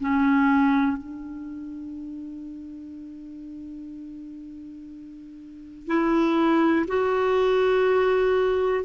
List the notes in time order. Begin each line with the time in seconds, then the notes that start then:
0.00 C#4
0.97 D4
5.87 E4
6.87 F#4